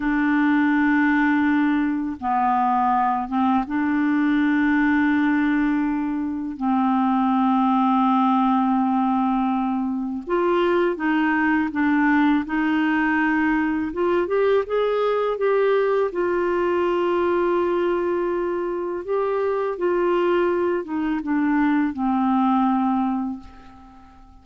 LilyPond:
\new Staff \with { instrumentName = "clarinet" } { \time 4/4 \tempo 4 = 82 d'2. b4~ | b8 c'8 d'2.~ | d'4 c'2.~ | c'2 f'4 dis'4 |
d'4 dis'2 f'8 g'8 | gis'4 g'4 f'2~ | f'2 g'4 f'4~ | f'8 dis'8 d'4 c'2 | }